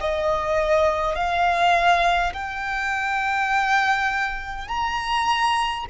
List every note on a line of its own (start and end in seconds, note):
0.00 1.15 D#5
1.15 2.33 F5
2.33 4.67 G5
4.67 5.85 A#5